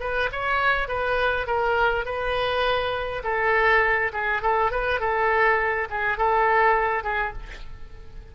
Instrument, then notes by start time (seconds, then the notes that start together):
oboe
0.00 B4
0.32 C#5
0.87 B4
1.46 A#4
2.05 B4
3.24 A4
4.13 G#4
4.42 A4
4.71 B4
4.99 A4
5.90 G#4
6.17 A4
7.03 G#4